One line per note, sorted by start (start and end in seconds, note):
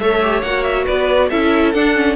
0.00 0.42 A3
0.00 0.22 A4
0.00 0.85 C#5
0.00 0.42 E5
0.22 0.44 G4
0.42 0.86 A#3
0.42 1.31 F#4
0.42 0.63 F#5
0.63 0.85 E5
0.85 1.31 B3
0.85 1.28 B4
0.85 1.30 D5
1.30 1.74 C#4
1.30 1.74 E4
1.30 2.16 A4
1.30 1.73 E5
1.73 1.95 D4
1.73 2.16 D4
1.73 2.16 F#5
1.95 2.16 C#4